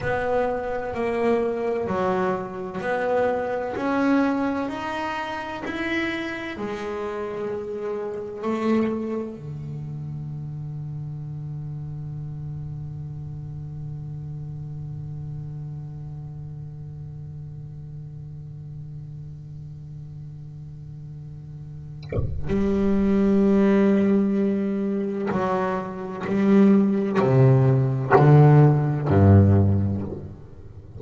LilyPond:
\new Staff \with { instrumentName = "double bass" } { \time 4/4 \tempo 4 = 64 b4 ais4 fis4 b4 | cis'4 dis'4 e'4 gis4~ | gis4 a4 d2~ | d1~ |
d1~ | d1 | g2. fis4 | g4 c4 d4 g,4 | }